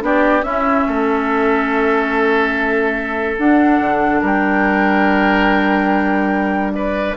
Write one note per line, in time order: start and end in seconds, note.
0.00 0.43 B3
0.00 0.42 D4
0.00 0.45 G4
0.00 0.43 D5
0.43 0.85 C#4
0.43 3.37 C#4
0.43 0.87 E4
0.43 3.36 E5
0.88 3.38 A3
0.88 4.20 A4
3.37 7.15 D4
3.37 3.80 D4
3.37 4.22 F#5
3.80 4.22 D3
4.20 7.16 G3
4.20 6.72 A#4
4.20 6.74 G5
6.74 7.16 B4
6.74 7.16 D5